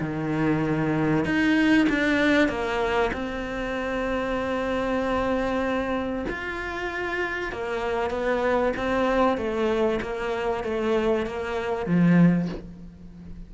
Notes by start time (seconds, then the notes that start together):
0.00 D#3
1.25 D#4
1.89 D4
2.48 A#3
3.12 C4
6.29 F4
7.52 A#3
8.10 B3
8.76 C4
9.37 A3
10.01 A#3
10.63 A3
11.26 A#3
11.86 F3